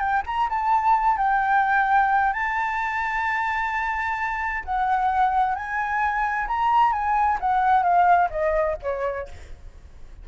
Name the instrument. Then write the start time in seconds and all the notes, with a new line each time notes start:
flute
0.00 G5
0.26 A#5
0.50 A5
1.18 G5
2.33 A5
4.65 F#5
5.55 G#5
6.48 A#5
6.93 G#5
7.41 F#5
7.83 F5
8.31 D#5
8.83 C#5